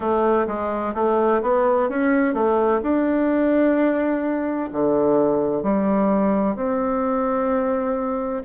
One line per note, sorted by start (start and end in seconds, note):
0.00 0.46 A3
0.47 0.94 G#3
0.94 1.41 A3
1.42 1.89 B3
1.89 2.34 C#4
2.34 2.81 A3
2.82 4.69 D4
4.72 5.62 D3
5.62 6.55 G3
6.55 8.43 C4